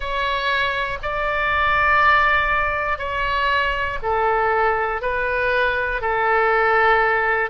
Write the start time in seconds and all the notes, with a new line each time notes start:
0.00 C#5
1.02 D5
2.98 C#5
4.02 A4
5.01 B4
6.00 A4